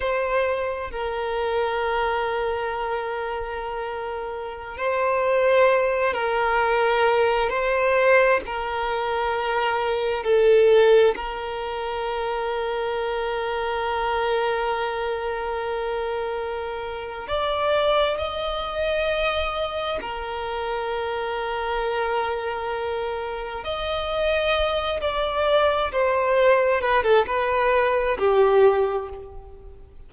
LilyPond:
\new Staff \with { instrumentName = "violin" } { \time 4/4 \tempo 4 = 66 c''4 ais'2.~ | ais'4~ ais'16 c''4. ais'4~ ais'16~ | ais'16 c''4 ais'2 a'8.~ | a'16 ais'2.~ ais'8.~ |
ais'2. d''4 | dis''2 ais'2~ | ais'2 dis''4. d''8~ | d''8 c''4 b'16 a'16 b'4 g'4 | }